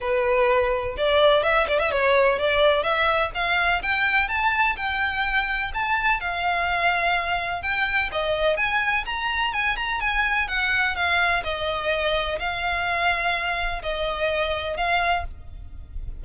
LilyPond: \new Staff \with { instrumentName = "violin" } { \time 4/4 \tempo 4 = 126 b'2 d''4 e''8 d''16 e''16 | cis''4 d''4 e''4 f''4 | g''4 a''4 g''2 | a''4 f''2. |
g''4 dis''4 gis''4 ais''4 | gis''8 ais''8 gis''4 fis''4 f''4 | dis''2 f''2~ | f''4 dis''2 f''4 | }